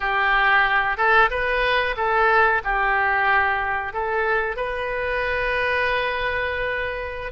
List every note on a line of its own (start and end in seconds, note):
0.00 0.97 G4
0.97 1.29 A4
1.30 1.95 B4
1.96 2.61 A4
2.64 3.93 G4
3.93 4.56 A4
4.56 7.32 B4